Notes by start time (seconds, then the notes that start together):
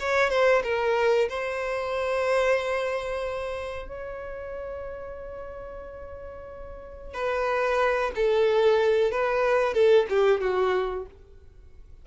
0.00 C#5
0.30 C5
0.63 A#4
1.29 C5
3.88 C#5
7.14 B4
8.15 A4
9.11 B4
9.74 A4
10.09 G4
10.41 F#4